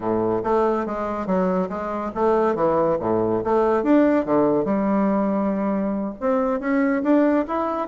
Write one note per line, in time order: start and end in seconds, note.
0.00 0.42 A2
0.43 0.85 A3
0.85 1.26 G#3
1.26 1.68 F#3
1.69 2.11 G#3
2.14 2.55 A3
2.55 2.97 E3
3.00 3.42 A2
3.44 3.83 A3
3.83 4.25 D4
4.25 4.65 D3
4.65 6.14 G3
6.20 6.60 C4
6.60 7.02 C#4
7.03 7.45 D4
7.47 7.88 E4